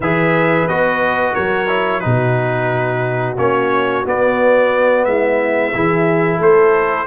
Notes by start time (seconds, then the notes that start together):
0.00 E3 G#4 B4 E5
0.68 B3 F#4 D#5
1.33 F#3 A#4 C#5
1.68 E4
2.00 B2 D#4 F#4 B4
3.37 A#3 C#4 C#5
4.04 B3 D5
5.04 G#3 E4 E5
5.73 E3 E4 G#4
6.37 A3 A4 C5